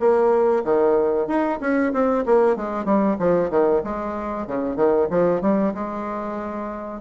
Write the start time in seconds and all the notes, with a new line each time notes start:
0.00 A#3
0.64 D#3
1.28 D#4
1.61 C#4
1.93 C4
2.26 A#3
2.57 G#3
2.85 G3
3.19 F3
3.51 D#3
3.84 G#3
4.47 C#3
4.76 D#3
5.10 F3
5.42 G3
5.74 G#3